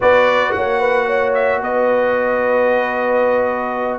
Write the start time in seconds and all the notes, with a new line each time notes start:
0.00 B3 F#4 B4 D5
0.52 A#3 C#5 F#5
0.79 B4
1.06 C#5
1.34 E5
1.61 B3 B4 D#5